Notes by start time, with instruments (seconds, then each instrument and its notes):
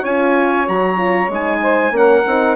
0.00 bassoon C#4, horn F4, saxophone C#5, trumpet G#5
0.66 bassoon F#3, horn F#4, trumpet A#5
0.96 horn F4
1.29 bassoon G#3, horn D#4, trumpet G#5
1.62 saxophone C5
1.91 bassoon A#3, horn C#4, saxophone A#4, trumpet F#5
2.26 bassoon C4, horn D#4